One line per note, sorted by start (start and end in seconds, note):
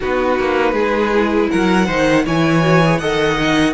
0.00 0.39 B3
0.00 1.13 D#4
0.00 0.73 F#4
0.00 1.50 B4
0.39 0.73 A#3
0.73 1.48 G#3
0.73 1.48 G#4
1.13 1.87 E4
1.50 1.88 F#3
1.50 1.85 A#4
1.50 2.25 F#5
1.85 2.26 D#3
1.85 2.24 D#4
1.85 2.23 C5
2.25 3.01 E3
2.25 2.62 E4
2.25 3.00 C#5
2.25 2.98 G#5
2.62 2.80 F#4
2.85 3.00 G#4
2.98 3.74 D#3
2.98 3.37 A4
2.98 3.74 D#5
2.98 3.73 F#5
3.38 3.74 D#4